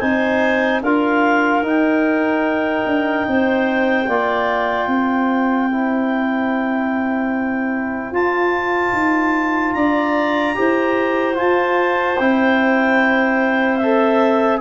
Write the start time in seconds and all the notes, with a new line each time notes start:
0.00 C4 D#4 C5 G#5
0.82 D4 F4 A#4 F5
1.62 D#4 G5
2.86 D4
3.28 C4 C5
4.07 A#3 F4 D5
4.87 C4 C5
5.72 E4
8.11 F4 A5
8.93 D#4
9.73 D4 D5 A#5
10.55 E4 G4 C5
11.35 F4 A5
12.18 C4 E4 G5
13.77 A4 E5